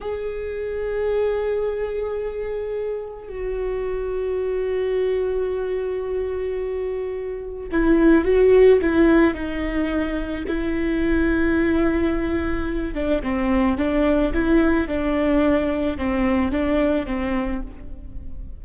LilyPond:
\new Staff \with { instrumentName = "viola" } { \time 4/4 \tempo 4 = 109 gis'1~ | gis'2 fis'2~ | fis'1~ | fis'2 e'4 fis'4 |
e'4 dis'2 e'4~ | e'2.~ e'8 d'8 | c'4 d'4 e'4 d'4~ | d'4 c'4 d'4 c'4 | }